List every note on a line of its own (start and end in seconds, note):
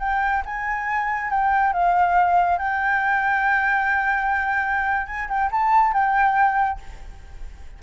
0.00 0.43 G5
0.45 1.30 G#5
1.30 1.73 G5
1.73 2.59 F5
2.59 5.07 G5
5.07 5.28 G#5
5.29 5.50 G5
5.52 5.93 A5
5.93 6.80 G5